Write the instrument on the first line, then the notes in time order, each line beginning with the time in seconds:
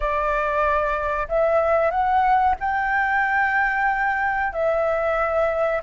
flute
0.00 D5
1.28 E5
1.90 F#5
2.60 G5
4.52 E5